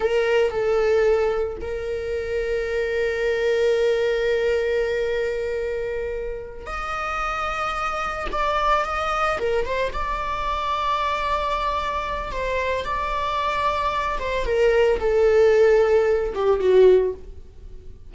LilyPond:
\new Staff \with { instrumentName = "viola" } { \time 4/4 \tempo 4 = 112 ais'4 a'2 ais'4~ | ais'1~ | ais'1~ | ais'8 dis''2. d''8~ |
d''8 dis''4 ais'8 c''8 d''4.~ | d''2. c''4 | d''2~ d''8 c''8 ais'4 | a'2~ a'8 g'8 fis'4 | }